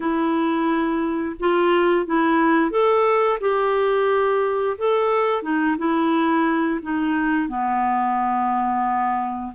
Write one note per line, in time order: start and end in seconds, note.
0.00 1.36 E4
1.39 2.06 F4
2.06 2.70 E4
2.70 3.38 A4
3.40 4.77 G4
4.77 5.42 A4
5.42 5.76 D#4
5.77 6.80 E4
6.82 7.48 D#4
7.48 9.53 B3